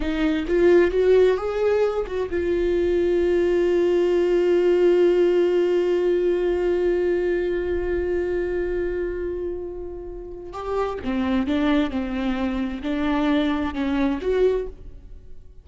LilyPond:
\new Staff \with { instrumentName = "viola" } { \time 4/4 \tempo 4 = 131 dis'4 f'4 fis'4 gis'4~ | gis'8 fis'8 f'2.~ | f'1~ | f'1~ |
f'1~ | f'2. g'4 | c'4 d'4 c'2 | d'2 cis'4 fis'4 | }